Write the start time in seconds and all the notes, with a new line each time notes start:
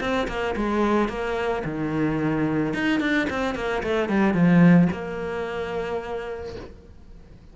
0.00 C4
0.28 A#3
0.56 G#3
1.08 A#3
1.64 D#3
2.73 D#4
3.00 D4
3.30 C4
3.55 A#3
3.83 A3
4.09 G3
4.34 F3
4.92 A#3